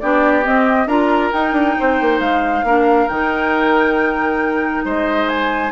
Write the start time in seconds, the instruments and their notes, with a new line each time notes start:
0.00 bassoon B3, clarinet D4, oboe G4, flute D5
0.43 clarinet C4, bassoon C4, flute D#5
0.87 bassoon D4, clarinet F4, oboe A#4, flute A#5
1.33 clarinet D#4, bassoon D#4, flute G5
1.52 bassoon D4
1.80 bassoon C4, oboe C5
2.01 bassoon A#3
2.20 bassoon G#3, flute F5
2.64 bassoon A#3, clarinet D4, oboe A#4
3.09 bassoon D#3, clarinet D#4, flute G5
4.85 bassoon G#3, oboe C5, flute D#5
5.29 flute G#5